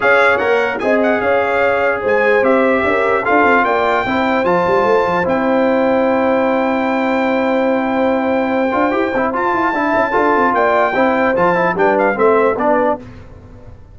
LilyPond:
<<
  \new Staff \with { instrumentName = "trumpet" } { \time 4/4 \tempo 4 = 148 f''4 fis''4 gis''8 fis''8 f''4~ | f''4 gis''4 e''2 | f''4 g''2 a''4~ | a''4 g''2.~ |
g''1~ | g''2. a''4~ | a''2 g''2 | a''4 g''8 f''8 e''4 d''4 | }
  \new Staff \with { instrumentName = "horn" } { \time 4/4 cis''2 dis''4 cis''4~ | cis''4 c''2 ais'4 | a'4 d''4 c''2~ | c''1~ |
c''1~ | c''1 | e''4 a'4 d''4 c''4~ | c''4 b'4 c''4 b'4 | }
  \new Staff \with { instrumentName = "trombone" } { \time 4/4 gis'4 ais'4 gis'2~ | gis'2 g'2 | f'2 e'4 f'4~ | f'4 e'2.~ |
e'1~ | e'4. f'8 g'8 e'8 f'4 | e'4 f'2 e'4 | f'8 e'8 d'4 c'4 d'4 | }
  \new Staff \with { instrumentName = "tuba" } { \time 4/4 cis'4 ais4 c'4 cis'4~ | cis'4 gis4 c'4 cis'4 | d'8 c'8 ais4 c'4 f8 g8 | a8 f8 c'2.~ |
c'1~ | c'4. d'8 e'8 c'8 f'8 e'8 | d'8 cis'8 d'8 c'8 ais4 c'4 | f4 g4 a4 b4 | }
>>